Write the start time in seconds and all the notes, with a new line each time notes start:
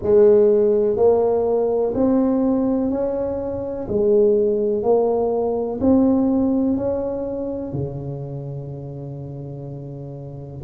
0.02 G#3
0.96 A#3
1.94 C4
2.90 C#4
3.88 G#3
4.83 A#3
5.80 C4
6.76 C#4
7.72 C#3